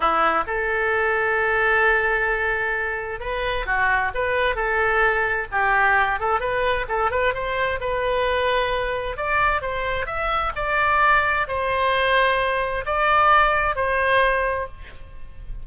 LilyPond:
\new Staff \with { instrumentName = "oboe" } { \time 4/4 \tempo 4 = 131 e'4 a'2.~ | a'2. b'4 | fis'4 b'4 a'2 | g'4. a'8 b'4 a'8 b'8 |
c''4 b'2. | d''4 c''4 e''4 d''4~ | d''4 c''2. | d''2 c''2 | }